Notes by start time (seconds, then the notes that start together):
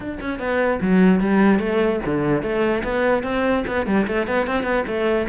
0.00 D4
0.20 C#4
0.39 B3
0.81 F#3
1.19 G3
1.59 A3
2.05 D3
2.42 A3
2.83 B3
3.23 C4
3.67 B3
3.86 G3
4.07 A3
4.27 B3
4.46 C4
4.63 B3
4.87 A3